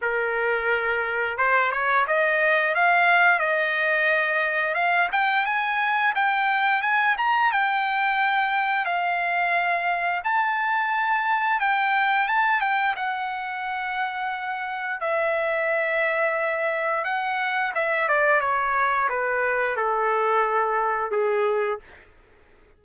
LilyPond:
\new Staff \with { instrumentName = "trumpet" } { \time 4/4 \tempo 4 = 88 ais'2 c''8 cis''8 dis''4 | f''4 dis''2 f''8 g''8 | gis''4 g''4 gis''8 ais''8 g''4~ | g''4 f''2 a''4~ |
a''4 g''4 a''8 g''8 fis''4~ | fis''2 e''2~ | e''4 fis''4 e''8 d''8 cis''4 | b'4 a'2 gis'4 | }